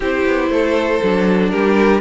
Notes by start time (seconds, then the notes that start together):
0.00 C4 E4 G4 C5
0.26 B3
0.49 A3 A4
1.03 F#3 D4
1.50 G3 G4 A#4